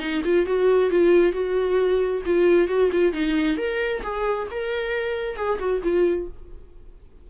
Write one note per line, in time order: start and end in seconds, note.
0.00 0.22 D#4
0.25 0.46 F4
0.46 0.91 F#4
0.91 1.33 F4
1.33 2.22 F#4
2.26 2.69 F4
2.69 2.91 F#4
2.92 3.13 F4
3.13 3.58 D#4
3.58 4.03 A#4
4.03 4.48 G#4
4.51 5.37 A#4
5.37 5.59 G#4
5.60 5.82 F#4
5.84 6.28 F4